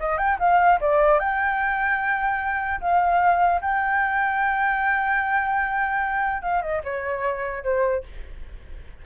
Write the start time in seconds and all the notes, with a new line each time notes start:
0.00 D#5
0.18 G5
0.39 F5
0.81 D5
1.19 G5
2.81 F5
3.61 G5
6.42 F5
6.62 D#5
6.84 C#5
7.63 C5